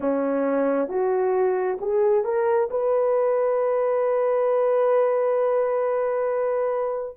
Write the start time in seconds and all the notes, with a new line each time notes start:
0.00 C#4
0.88 F#4
1.80 G#4
2.24 A#4
2.70 B4